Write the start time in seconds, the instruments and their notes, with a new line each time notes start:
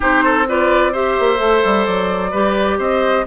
0.00 bassoon C4, clarinet D#4, oboe G4, flute C5
0.23 oboe A4
0.47 clarinet F4, oboe B4, flute D5
0.92 clarinet G4, oboe C5, flute E5
1.19 bassoon A#3
1.36 bassoon A3, clarinet A4
1.64 bassoon G3
1.85 bassoon F#3, flute D5
2.31 bassoon G3, clarinet G4, oboe B4
2.78 bassoon C4, oboe C5, flute D#5